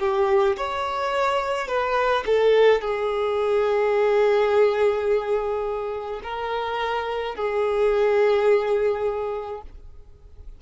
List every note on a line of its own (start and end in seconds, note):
0.00 0.57 G4
0.57 1.68 C#5
1.68 2.24 B4
2.26 2.81 A4
2.81 6.21 G#4
6.23 7.35 A#4
7.35 9.62 G#4